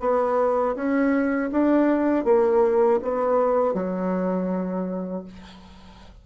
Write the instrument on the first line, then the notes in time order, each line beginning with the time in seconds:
bassoon
0.00 B3
0.75 C#4
1.52 D4
2.25 A#3
3.02 B3
3.74 F#3